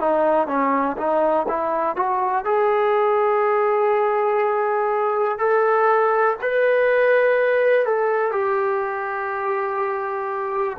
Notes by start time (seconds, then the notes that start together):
0.00 D#4
0.47 C#4
0.97 D#4
1.48 E4
1.96 F#4
2.45 G#4
5.38 A4
6.42 B4
7.86 A4
8.32 G4